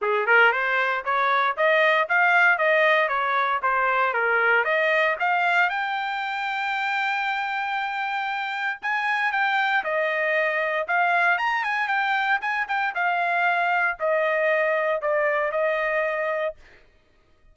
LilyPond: \new Staff \with { instrumentName = "trumpet" } { \time 4/4 \tempo 4 = 116 gis'8 ais'8 c''4 cis''4 dis''4 | f''4 dis''4 cis''4 c''4 | ais'4 dis''4 f''4 g''4~ | g''1~ |
g''4 gis''4 g''4 dis''4~ | dis''4 f''4 ais''8 gis''8 g''4 | gis''8 g''8 f''2 dis''4~ | dis''4 d''4 dis''2 | }